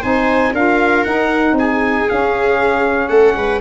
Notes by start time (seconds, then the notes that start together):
0.00 C4 D#4 C5 G#5
0.53 D4 F4 A#4 F5
1.04 D#4 F#5
1.52 C4
1.58 G#4 G#5
2.08 C#4 F5
3.09 A3 A4 F#5
3.35 G#3 B4